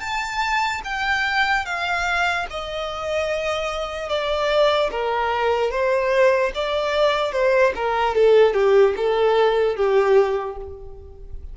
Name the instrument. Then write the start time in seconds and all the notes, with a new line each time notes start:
violin
0.00 A5
0.84 G5
1.65 F5
2.50 D#5
4.09 D5
4.91 A#4
5.71 C5
6.54 D5
7.32 C5
7.75 A#4
8.14 A4
8.54 G4
8.96 A4
9.76 G4